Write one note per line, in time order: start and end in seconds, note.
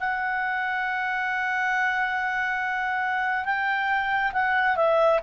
0.00 3.45 F#5
3.45 4.32 G5
4.33 4.76 F#5
4.77 5.20 E5